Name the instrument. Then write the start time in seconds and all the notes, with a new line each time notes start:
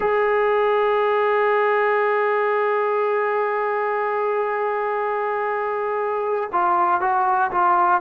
trombone
0.00 G#4
6.52 F4
7.00 F#4
7.51 F4